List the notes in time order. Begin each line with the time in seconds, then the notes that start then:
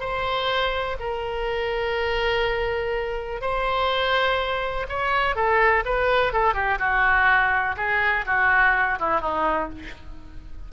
0.00 C5
1.00 A#4
3.41 C5
4.89 C#5
5.35 A4
5.85 B4
6.33 A4
6.54 G4
6.79 F#4
7.77 G#4
8.26 F#4
8.99 E4
9.21 D#4